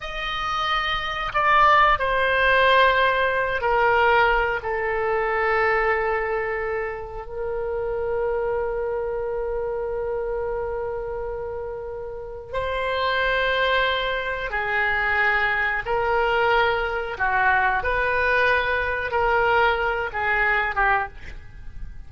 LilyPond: \new Staff \with { instrumentName = "oboe" } { \time 4/4 \tempo 4 = 91 dis''2 d''4 c''4~ | c''4. ais'4. a'4~ | a'2. ais'4~ | ais'1~ |
ais'2. c''4~ | c''2 gis'2 | ais'2 fis'4 b'4~ | b'4 ais'4. gis'4 g'8 | }